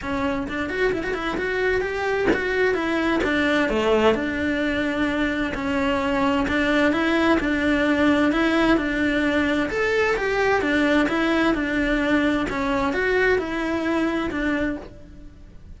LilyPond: \new Staff \with { instrumentName = "cello" } { \time 4/4 \tempo 4 = 130 cis'4 d'8 fis'8 e'16 fis'16 e'8 fis'4 | g'4 fis'4 e'4 d'4 | a4 d'2. | cis'2 d'4 e'4 |
d'2 e'4 d'4~ | d'4 a'4 g'4 d'4 | e'4 d'2 cis'4 | fis'4 e'2 d'4 | }